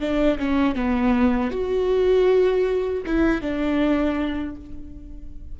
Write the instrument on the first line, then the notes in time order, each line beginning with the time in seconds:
viola
0.00 D4
0.38 C#4
0.75 B3
1.51 F#4
3.06 E4
3.41 D4